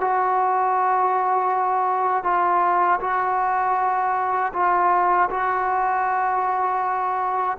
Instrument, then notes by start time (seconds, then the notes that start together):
trombone
0.00 F#4
2.23 F4
3.00 F#4
4.53 F4
5.30 F#4